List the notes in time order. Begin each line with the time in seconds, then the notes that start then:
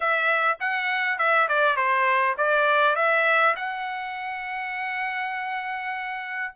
0.00 E5
0.59 F#5
1.18 E5
1.48 D5
1.76 C5
2.37 D5
2.95 E5
3.56 F#5